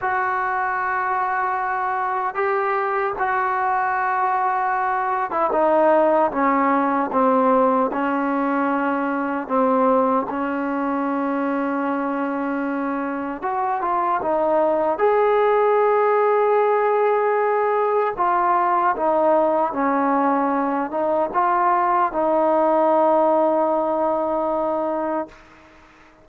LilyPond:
\new Staff \with { instrumentName = "trombone" } { \time 4/4 \tempo 4 = 76 fis'2. g'4 | fis'2~ fis'8. e'16 dis'4 | cis'4 c'4 cis'2 | c'4 cis'2.~ |
cis'4 fis'8 f'8 dis'4 gis'4~ | gis'2. f'4 | dis'4 cis'4. dis'8 f'4 | dis'1 | }